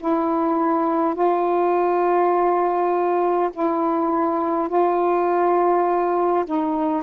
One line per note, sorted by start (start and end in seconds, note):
0.00 1.14 E4
1.14 3.50 F4
3.53 4.68 E4
4.68 6.45 F4
6.45 7.03 D#4